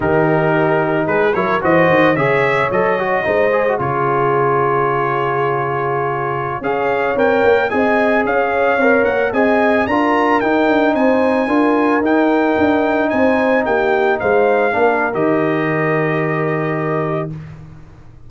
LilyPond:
<<
  \new Staff \with { instrumentName = "trumpet" } { \time 4/4 \tempo 4 = 111 ais'2 b'8 cis''8 dis''4 | e''4 dis''2 cis''4~ | cis''1~ | cis''16 f''4 g''4 gis''4 f''8.~ |
f''8. fis''8 gis''4 ais''4 g''8.~ | g''16 gis''2 g''4.~ g''16~ | g''16 gis''4 g''4 f''4.~ f''16 | dis''1 | }
  \new Staff \with { instrumentName = "horn" } { \time 4/4 g'2 gis'8 ais'8 c''4 | cis''2 c''4 gis'4~ | gis'1~ | gis'16 cis''2 dis''4 cis''8.~ |
cis''4~ cis''16 dis''4 ais'4.~ ais'16~ | ais'16 c''4 ais'2~ ais'8.~ | ais'16 c''4 g'4 c''4 ais'8.~ | ais'1 | }
  \new Staff \with { instrumentName = "trombone" } { \time 4/4 dis'2~ dis'8 e'8 fis'4 | gis'4 a'8 fis'8 dis'8 gis'16 fis'16 f'4~ | f'1~ | f'16 gis'4 ais'4 gis'4.~ gis'16~ |
gis'16 ais'4 gis'4 f'4 dis'8.~ | dis'4~ dis'16 f'4 dis'4.~ dis'16~ | dis'2.~ dis'16 d'8. | g'1 | }
  \new Staff \with { instrumentName = "tuba" } { \time 4/4 dis2 gis8 fis8 e8 dis8 | cis4 fis4 gis4 cis4~ | cis1~ | cis16 cis'4 c'8 ais8 c'4 cis'8.~ |
cis'16 c'8 ais8 c'4 d'4 dis'8 d'16~ | d'16 c'4 d'4 dis'4 d'8.~ | d'16 c'4 ais4 gis4 ais8. | dis1 | }
>>